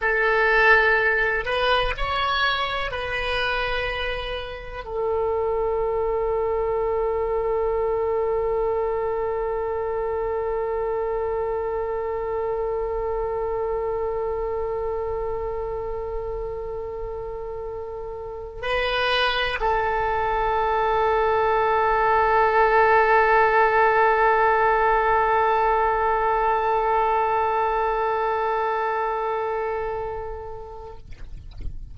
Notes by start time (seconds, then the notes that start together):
0.00 A4
1.45 B4
1.97 C#5
2.91 B4
4.84 A4
18.62 B4
19.60 A4